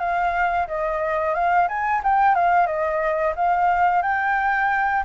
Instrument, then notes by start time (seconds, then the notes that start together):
flute
0.00 F5
0.68 D#5
1.35 F5
1.69 G#5
2.04 G5
2.35 F5
2.67 D#5
3.36 F5
4.03 G5